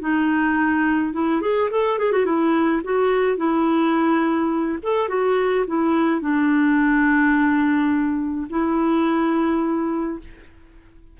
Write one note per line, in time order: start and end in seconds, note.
0.00 1.13 D#4
1.13 1.41 E4
1.42 1.70 G#4
1.70 1.99 A4
1.99 2.12 G#4
2.12 2.25 F#4
2.25 2.82 E4
2.84 3.37 F#4
3.37 4.78 E4
4.82 5.09 A4
5.09 5.65 F#4
5.67 6.21 E4
6.21 8.47 D4
8.50 10.19 E4